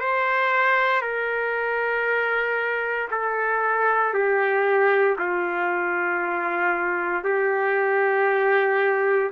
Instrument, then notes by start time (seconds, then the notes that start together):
trumpet
0.00 C5
1.02 A#4
3.11 A4
4.14 G4
5.18 F4
7.24 G4